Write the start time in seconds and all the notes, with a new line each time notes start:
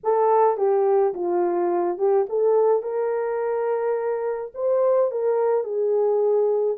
0.03 A4
0.57 G4
1.14 F4
1.97 G4
2.29 A4
2.82 A#4
4.54 C5
5.11 A#4
5.63 G#4